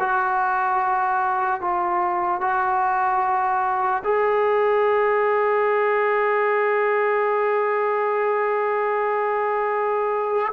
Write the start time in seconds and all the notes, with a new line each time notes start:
0.00 F#4
1.61 F4
2.41 F#4
4.04 G#4